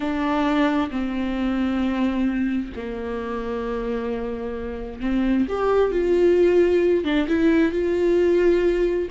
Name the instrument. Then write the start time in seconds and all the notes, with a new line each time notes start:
viola
0.00 D4
0.90 C4
2.75 A#3
5.00 C4
5.48 G4
5.91 F4
7.04 D4
7.27 E4
7.72 F4